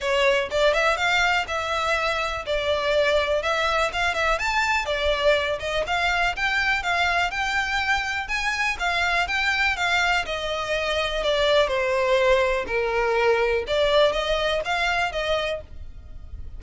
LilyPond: \new Staff \with { instrumentName = "violin" } { \time 4/4 \tempo 4 = 123 cis''4 d''8 e''8 f''4 e''4~ | e''4 d''2 e''4 | f''8 e''8 a''4 d''4. dis''8 | f''4 g''4 f''4 g''4~ |
g''4 gis''4 f''4 g''4 | f''4 dis''2 d''4 | c''2 ais'2 | d''4 dis''4 f''4 dis''4 | }